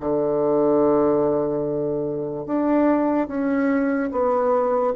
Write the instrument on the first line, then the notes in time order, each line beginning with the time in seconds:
bassoon
0.00 D3
2.46 D4
3.28 C#4
4.11 B3